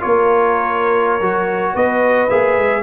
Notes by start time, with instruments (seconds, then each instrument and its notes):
0.00 tuba A#3, trombone F4, horn A#4, trumpet C#5
1.21 tuba F#3, trombone F#4
1.74 tuba B3, horn B4, trumpet D#5
2.29 tuba A#3, trombone G#4, trumpet E5
2.57 tuba G#3